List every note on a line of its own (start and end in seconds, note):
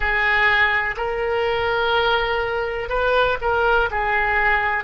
0.00 0.95 G#4
0.96 2.89 A#4
2.89 3.37 B4
3.41 3.89 A#4
3.90 4.83 G#4